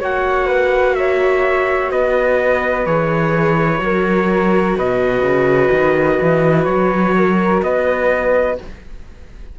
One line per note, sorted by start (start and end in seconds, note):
0.00 1.91 A#3
0.00 2.86 F#4
0.00 0.47 C#5
0.00 0.95 F#5
0.47 0.94 B4
0.95 1.92 C#5
0.95 1.90 E5
1.91 2.86 B3
1.91 3.82 B4
1.91 2.86 D#5
2.86 3.80 E3
2.86 3.78 G#4
2.86 4.76 C#5
3.78 4.76 F#3
3.78 8.54 F#4
3.78 4.77 A#4
4.77 5.21 B2
4.77 7.15 B4
4.77 6.64 D#5
5.21 5.69 C#3
5.71 6.19 D#3
6.21 6.67 E3
6.64 7.62 F#3
6.64 7.60 C#5
7.17 7.64 A#4
7.62 8.58 B3
7.62 8.59 B4
7.62 8.59 D#5